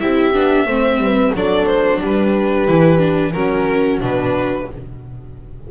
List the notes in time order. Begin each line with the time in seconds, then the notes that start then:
0.00 C4 E4 G4 E5
0.34 B3 D4
0.67 A3 C4 C5
0.98 G3 B4
1.35 F#3 D4 A4 D5
1.67 C5
2.00 G3 G4 B4
2.68 E3 E4
2.99 D4
3.33 F#3 C#4 F#4 A#4
4.01 B2 D4 B4